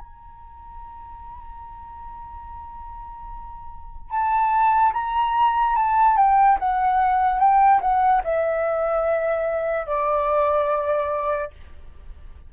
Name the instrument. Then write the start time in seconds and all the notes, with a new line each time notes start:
flute
0.00 A#5
4.11 A5
4.94 A#5
5.76 A5
6.17 G5
6.60 F#5
7.40 G5
7.82 F#5
8.25 E5
9.87 D5